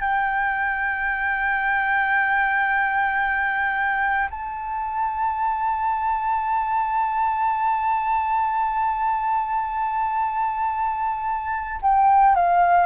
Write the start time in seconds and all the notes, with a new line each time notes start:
0.00 G5
4.30 A5
11.81 G5
12.35 F5